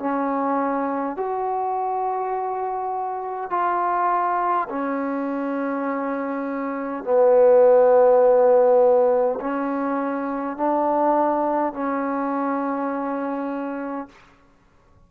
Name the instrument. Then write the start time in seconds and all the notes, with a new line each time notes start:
trombone
0.00 C#4
1.17 F#4
3.51 F4
4.70 C#4
7.04 B3
9.41 C#4
10.57 D4
11.74 C#4